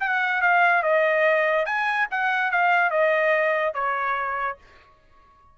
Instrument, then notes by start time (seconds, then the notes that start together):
trumpet
0.00 F#5
0.42 F5
0.83 D#5
1.66 G#5
2.11 F#5
2.51 F5
2.91 D#5
3.74 C#5